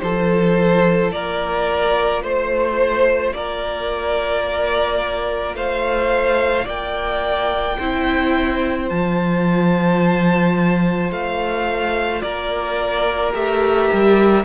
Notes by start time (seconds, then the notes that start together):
0.00 F3 F4 A4 C5
1.12 A#3 A#4 D5
2.23 A3 C5
3.33 A#3 A#4 D5
5.55 A3 C5 F5
6.65 A#3 D5 G5
7.79 C4 E4 C5
8.89 F3 F4 A5
11.11 A3 F5
12.22 A#3 A#4 D5
13.33 A3 G4 E5
13.93 G3